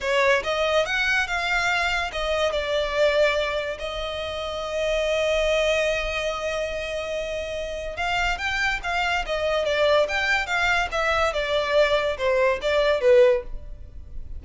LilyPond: \new Staff \with { instrumentName = "violin" } { \time 4/4 \tempo 4 = 143 cis''4 dis''4 fis''4 f''4~ | f''4 dis''4 d''2~ | d''4 dis''2.~ | dis''1~ |
dis''2. f''4 | g''4 f''4 dis''4 d''4 | g''4 f''4 e''4 d''4~ | d''4 c''4 d''4 b'4 | }